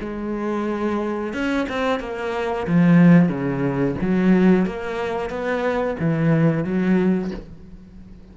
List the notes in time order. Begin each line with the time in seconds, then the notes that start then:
0.00 G#3
1.33 C#4
1.69 C4
2.00 A#3
2.67 F3
3.29 C#3
4.01 F#3
4.66 A#3
5.30 B3
5.99 E3
6.64 F#3